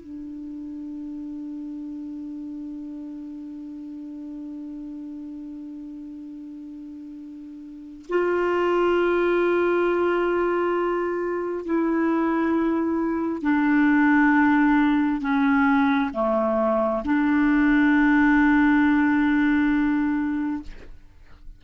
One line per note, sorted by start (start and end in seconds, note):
0.00 8.06 D4
8.09 11.65 F4
11.65 13.42 E4
13.42 15.21 D4
15.21 16.11 C#4
16.13 17.03 A3
17.04 20.63 D4